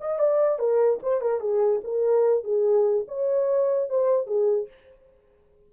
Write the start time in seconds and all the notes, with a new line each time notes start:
0.00 D#5
0.18 D5
0.58 A#4
1.02 C5
1.21 A#4
1.40 G#4
1.83 A#4
2.43 G#4
3.07 C#5
3.89 C5
4.26 G#4